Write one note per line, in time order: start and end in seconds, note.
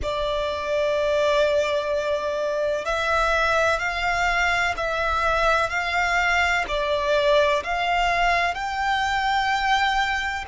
0.02 2.85 D5
2.85 3.79 E5
3.79 4.74 F5
4.77 5.69 E5
5.69 6.65 F5
6.68 7.63 D5
7.63 8.54 F5
8.54 10.45 G5